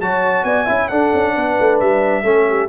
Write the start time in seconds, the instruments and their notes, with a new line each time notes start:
0.00 tuba F#3, trombone F#4, horn C#5, trumpet A5
0.44 tuba B3, horn D5, trumpet G#5
0.65 tuba C#4, trombone E4, horn E5
0.88 trombone D4, tuba D4, horn A4, trumpet F#5
1.14 tuba C#4
1.35 tuba B3, horn B4
1.59 tuba A3
1.80 tuba G3, trumpet E5
2.23 tuba A3, trombone C#4, horn A4
2.48 horn G4